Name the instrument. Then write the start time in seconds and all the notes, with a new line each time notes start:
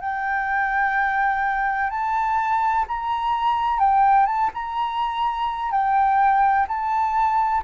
flute
0.00 G5
1.90 A5
2.87 A#5
3.79 G5
4.26 A5
4.53 A#5
5.71 G5
6.68 A5